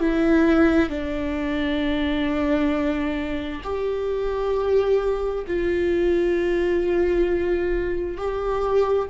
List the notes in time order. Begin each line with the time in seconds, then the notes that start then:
0.00 E4
0.89 D4
3.63 G4
5.47 F4
8.17 G4